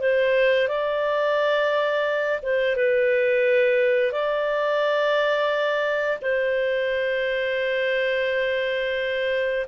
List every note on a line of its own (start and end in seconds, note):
0.00 0.68 C5
0.68 2.40 D5
2.42 2.76 C5
2.76 4.12 B4
4.12 6.19 D5
6.22 9.66 C5